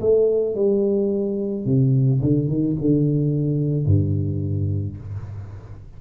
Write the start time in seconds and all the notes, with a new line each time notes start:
0.00 A3
0.55 G3
1.65 C3
2.21 D3
2.48 D#3
2.81 D3
3.86 G2